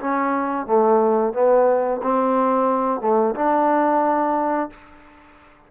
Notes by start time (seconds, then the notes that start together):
0.00 C#4
0.66 A3
1.33 B3
2.03 C4
3.01 A3
3.35 D4